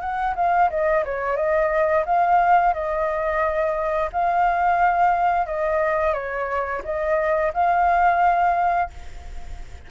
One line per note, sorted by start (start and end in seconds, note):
0.00 0.34 F#5
0.35 0.69 F5
0.70 1.04 D#5
1.04 1.36 C#5
1.36 2.04 D#5
2.05 2.73 F5
2.73 4.09 D#5
4.12 5.46 F5
5.46 6.13 D#5
6.13 6.82 C#5
6.84 7.52 D#5
7.53 8.90 F5